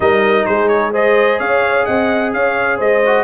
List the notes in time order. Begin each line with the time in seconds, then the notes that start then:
0.00 G3 D#4 A#4 D#5
0.46 G#3 G#4 C5
0.68 C#5
0.92 G#4 C5 D#5
1.39 C#4 C#5 F5
1.84 C4 D#5 F#5
2.33 C#4 C#5 F5
2.77 G#3 C5 D#5
3.05 F#4